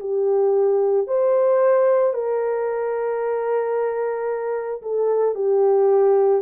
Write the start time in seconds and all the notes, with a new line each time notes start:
0.00 G4
1.07 C5
2.14 A#4
4.82 A4
5.35 G4